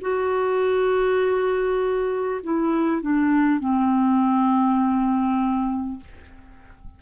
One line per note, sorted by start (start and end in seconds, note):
0.00 2.40 F#4
2.43 3.01 E4
3.01 3.59 D4
3.59 5.99 C4